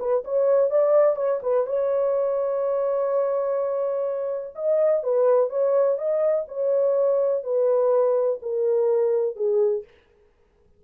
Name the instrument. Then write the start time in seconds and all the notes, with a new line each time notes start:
horn
0.00 B4
0.25 C#5
0.71 D5
1.16 C#5
1.43 B4
1.67 C#5
4.55 D#5
5.03 B4
5.50 C#5
5.98 D#5
6.48 C#5
7.44 B4
8.42 A#4
9.36 G#4